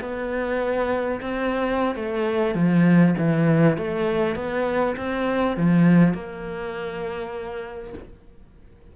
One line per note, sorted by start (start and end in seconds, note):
0.00 1.20 B3
1.21 1.95 C4
1.95 2.54 A3
2.54 3.14 F3
3.17 3.77 E3
3.77 4.35 A3
4.35 4.95 B3
4.96 5.56 C4
5.56 6.13 F3
6.13 7.93 A#3